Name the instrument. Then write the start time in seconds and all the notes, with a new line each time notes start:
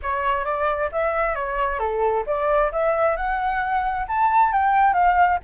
flute
0.02 C#5
0.44 D5
0.91 E5
1.35 C#5
1.79 A4
2.26 D5
2.71 E5
3.16 F#5
4.08 A5
4.52 G5
4.93 F5